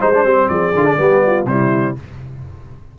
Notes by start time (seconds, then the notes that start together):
0.00 G#3 D#4 C5
0.14 D4
0.24 G3 C4
0.48 F3 G#4 D5
0.75 D3 F4
0.85 D4
0.97 G3 B3 G4
1.26 F4
1.45 C3 G3 E4 C5